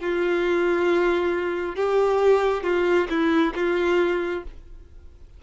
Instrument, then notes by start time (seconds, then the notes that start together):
violin
0.00 F4
1.76 G4
2.63 F4
3.10 E4
3.55 F4